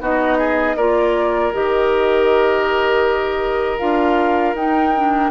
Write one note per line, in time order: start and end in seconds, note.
0.00 0.76 B3
0.00 0.76 D#4
0.00 0.38 F#4
0.00 0.76 D#5
0.38 0.76 G#4
0.76 1.52 A#3
0.76 1.53 F4
0.76 5.31 A#4
0.76 1.52 D5
1.53 3.81 D#3
1.53 3.79 G4
1.53 3.79 D#5
3.79 4.54 D4
3.79 4.55 F4
3.79 4.55 F5
4.54 5.30 D#4
4.54 4.95 D#4
4.54 5.31 G5
4.96 5.31 D4